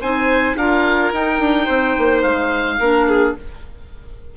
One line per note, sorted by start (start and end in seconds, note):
0.00 0.56 C4
0.00 0.57 D#4
0.00 0.56 C5
0.00 0.56 G#5
0.56 1.11 D4
0.56 1.14 F4
0.56 1.64 A#4
0.56 1.12 F5
1.12 1.39 D#4
1.12 2.81 D#4
1.12 2.22 G5
1.39 1.66 D4
1.64 1.96 C4
1.64 2.75 C5
1.97 2.23 A#3
2.22 2.78 G#3
2.22 3.33 F5
2.78 3.34 A#3
2.78 3.36 D4
2.78 3.07 A#4
3.07 3.35 G#4